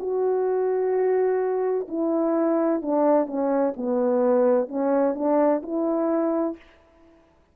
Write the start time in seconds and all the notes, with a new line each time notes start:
0.00 F#4
1.88 E4
2.82 D4
3.27 C#4
3.77 B3
4.68 C#4
5.15 D4
5.63 E4